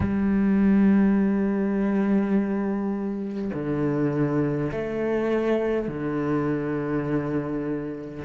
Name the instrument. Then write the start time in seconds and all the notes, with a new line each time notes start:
cello
0.00 G3
3.53 D3
4.71 A3
5.88 D3